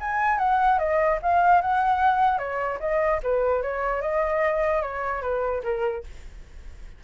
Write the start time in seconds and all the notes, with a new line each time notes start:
0.00 G#5
0.38 F#5
0.78 D#5
1.22 F5
1.61 F#5
2.38 C#5
2.79 D#5
3.23 B4
3.62 C#5
4.01 D#5
4.82 C#5
5.22 B4
5.63 A#4